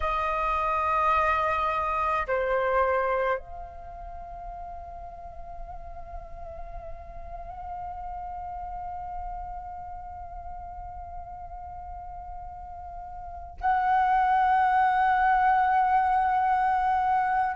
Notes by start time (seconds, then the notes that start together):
0.00 D#5
2.27 C5
3.38 F5
13.61 F#5